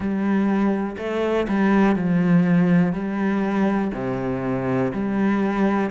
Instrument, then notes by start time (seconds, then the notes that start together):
cello
0.00 G3
0.98 A3
1.48 G3
1.95 F3
2.92 G3
3.93 C3
4.93 G3